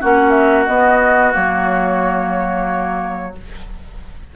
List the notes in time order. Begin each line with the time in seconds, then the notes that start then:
0.00 A#3 C#4 F#4 F#5
0.30 E5
0.66 B3 D#5
1.32 F#3 A#3 C#5